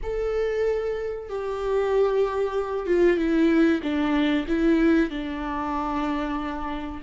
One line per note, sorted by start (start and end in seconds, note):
0.02 1.29 A4
1.29 2.86 G4
2.86 3.17 F4
3.17 3.81 E4
3.82 4.46 D4
4.47 5.09 E4
5.09 7.01 D4